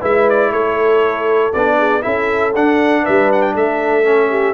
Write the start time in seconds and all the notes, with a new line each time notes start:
0.00 G#3 E4 B4 E5
0.30 D5
0.51 A3 A4 C#5
1.53 B3 D4 D5
1.78 G#4
2.02 C#4 E4 A4 E5
2.55 D4 F#5
3.03 G3 B4 E5
3.33 F#5
3.42 G5
3.55 A3 A4 E5
4.04 C#4
4.30 G4